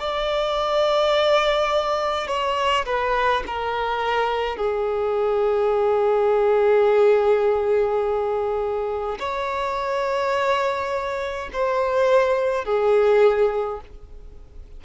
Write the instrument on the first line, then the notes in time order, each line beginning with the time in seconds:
violin
0.00 D5
2.28 C#5
2.86 B4
3.47 A#4
4.57 G#4
9.19 C#5
11.53 C5
12.65 G#4